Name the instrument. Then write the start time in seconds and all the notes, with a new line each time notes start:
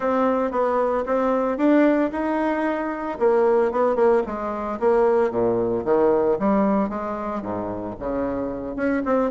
bassoon
0.00 C4
0.51 B3
1.05 C4
1.57 D4
2.12 D#4
3.19 A#3
3.71 B3
3.95 A#3
4.26 G#3
4.79 A#3
5.30 A#2
5.84 D#3
6.39 G3
6.89 G#3
7.41 G#2
7.99 C#3
8.76 C#4
9.05 C4